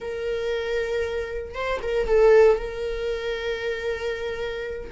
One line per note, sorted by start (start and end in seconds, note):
0.00 1.54 A#4
1.54 1.80 C5
1.82 2.07 A#4
2.07 2.57 A4
2.57 4.90 A#4